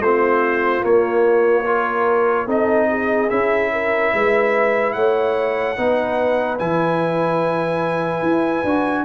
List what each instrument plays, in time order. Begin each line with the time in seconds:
0.00 tuba A3, trombone C4, horn F4, trumpet C5
0.82 trombone A#3, tuba A#3, trumpet C#5
1.65 trombone F4, horn A#4
2.46 tuba C4, trombone D#4, horn A4, trumpet D#5
2.89 horn G#4
3.29 tuba C#4, trombone E4, trumpet E5
3.72 horn A#4
4.13 tuba G#3, horn B4
4.92 tuba A3, horn C#5, trumpet F#5
5.76 tuba B3, trombone D#4, horn B4
6.58 tuba E3, trombone E4, trumpet G#5
8.22 tuba E4
8.64 tuba D4, trombone F#4